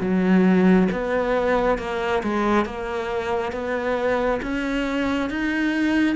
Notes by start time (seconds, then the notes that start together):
0.00 F#3
0.92 B3
1.78 A#3
2.23 G#3
2.66 A#3
3.52 B3
4.42 C#4
5.30 D#4